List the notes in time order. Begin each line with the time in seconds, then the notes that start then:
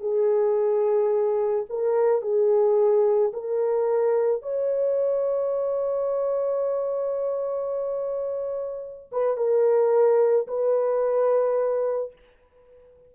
0.00 G#4
1.69 A#4
2.22 G#4
3.33 A#4
4.42 C#5
9.11 B4
9.37 A#4
10.47 B4